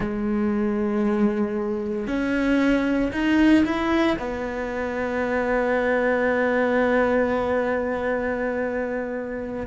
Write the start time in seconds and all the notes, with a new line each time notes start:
0.00 G#3
2.07 C#4
3.12 D#4
3.65 E4
4.19 B3